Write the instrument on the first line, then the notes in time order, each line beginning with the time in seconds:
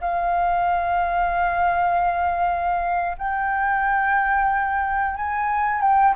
flute
0.00 F5
3.17 G5
5.16 G#5
5.81 G5